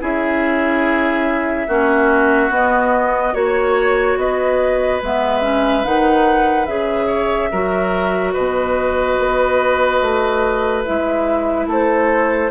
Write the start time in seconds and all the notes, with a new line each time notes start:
0.00 C#4 E4 G#4 E5
1.68 A#3 C#4 F#4
2.50 B3 D#5
3.34 A#3 F#4 C#5
4.17 B3 B4 D#5
5.02 G#3 B3 E5
5.41 C#4
5.84 D#3 D#4 F#5
6.66 C#3 G#4 E5
7.07 C#5
7.52 F#3 F#4 A#4
8.34 B2 B4 D#5
9.19 B3
10.02 A3
10.84 G#3 E4 E5
11.67 A3 A4 C5